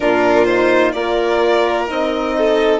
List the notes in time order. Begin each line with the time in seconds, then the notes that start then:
0.00 A#2 D4 F4 A#4
0.44 D#4 C5
0.92 A#3 F4 A#4 D5
1.87 C4 D#4 D#5
2.37 A4